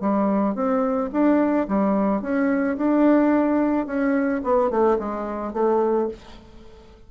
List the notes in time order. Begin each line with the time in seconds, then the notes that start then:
0.00 G3
0.55 C4
1.12 D4
1.68 G3
2.21 C#4
2.77 D4
3.86 C#4
4.43 B3
4.70 A3
4.99 G#3
5.53 A3